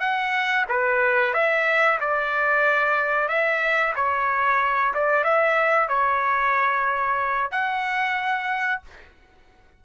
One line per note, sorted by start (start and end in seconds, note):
0.00 0.65 F#5
0.69 1.33 B4
1.33 1.99 E5
2.00 3.28 D5
3.28 3.94 E5
3.96 4.94 C#5
4.94 5.24 D5
5.24 5.88 E5
5.88 7.51 C#5
7.51 8.82 F#5